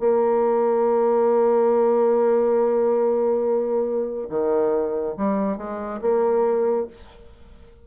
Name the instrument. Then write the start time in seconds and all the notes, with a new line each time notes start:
bassoon
0.00 A#3
4.30 D#3
5.18 G3
5.58 G#3
6.02 A#3